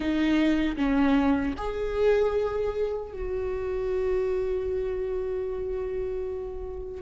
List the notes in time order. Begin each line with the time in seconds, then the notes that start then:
0.00 D#4
0.76 C#4
1.57 G#4
3.12 F#4